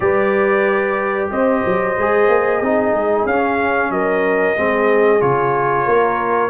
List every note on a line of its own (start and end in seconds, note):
0.00 1.31 G3
0.00 1.95 G4
0.00 1.32 B4
0.00 1.28 D5
1.30 1.63 C4
1.30 2.58 C5
1.30 3.26 D#5
1.66 1.97 F#3
1.97 2.28 G#3
1.97 2.63 G#4
2.28 2.61 A#3
2.58 2.92 C4
2.58 3.28 D#4
2.58 3.89 G#4
2.92 3.24 G#3
3.25 3.89 C#4
3.25 4.56 C#4
3.25 3.91 F5
3.89 4.55 F#3
3.89 4.57 A#4
3.89 5.21 D#5
4.56 5.21 G#3
4.56 5.19 C4
4.56 5.85 G#4
5.19 5.87 C#3
5.19 6.50 F4
5.19 6.50 C#5
5.85 6.50 A#3
5.85 6.50 A#4